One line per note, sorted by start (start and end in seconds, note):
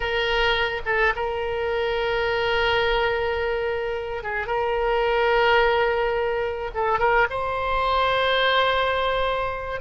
0.00 0.81 A#4
0.85 1.13 A4
1.15 4.23 A#4
4.23 4.46 G#4
4.46 6.71 A#4
6.74 6.99 A4
6.99 7.27 A#4
7.29 9.80 C5